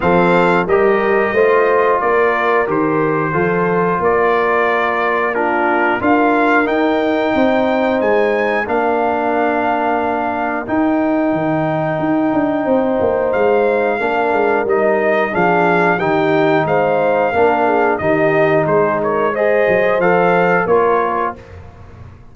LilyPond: <<
  \new Staff \with { instrumentName = "trumpet" } { \time 4/4 \tempo 4 = 90 f''4 dis''2 d''4 | c''2 d''2 | ais'4 f''4 g''2 | gis''4 f''2. |
g''1 | f''2 dis''4 f''4 | g''4 f''2 dis''4 | c''8 cis''8 dis''4 f''4 cis''4 | }
  \new Staff \with { instrumentName = "horn" } { \time 4/4 a'4 ais'4 c''4 ais'4~ | ais'4 a'4 ais'2 | f'4 ais'2 c''4~ | c''4 ais'2.~ |
ais'2. c''4~ | c''4 ais'2 gis'4 | g'4 c''4 ais'8 gis'8 g'4 | gis'8 ais'8 c''2 ais'4 | }
  \new Staff \with { instrumentName = "trombone" } { \time 4/4 c'4 g'4 f'2 | g'4 f'2. | d'4 f'4 dis'2~ | dis'4 d'2. |
dis'1~ | dis'4 d'4 dis'4 d'4 | dis'2 d'4 dis'4~ | dis'4 gis'4 a'4 f'4 | }
  \new Staff \with { instrumentName = "tuba" } { \time 4/4 f4 g4 a4 ais4 | dis4 f4 ais2~ | ais4 d'4 dis'4 c'4 | gis4 ais2. |
dis'4 dis4 dis'8 d'8 c'8 ais8 | gis4 ais8 gis8 g4 f4 | dis4 gis4 ais4 dis4 | gis4. fis8 f4 ais4 | }
>>